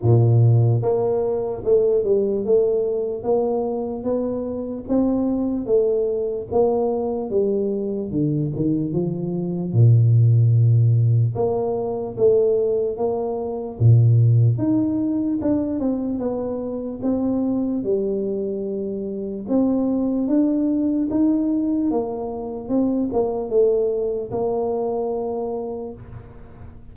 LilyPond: \new Staff \with { instrumentName = "tuba" } { \time 4/4 \tempo 4 = 74 ais,4 ais4 a8 g8 a4 | ais4 b4 c'4 a4 | ais4 g4 d8 dis8 f4 | ais,2 ais4 a4 |
ais4 ais,4 dis'4 d'8 c'8 | b4 c'4 g2 | c'4 d'4 dis'4 ais4 | c'8 ais8 a4 ais2 | }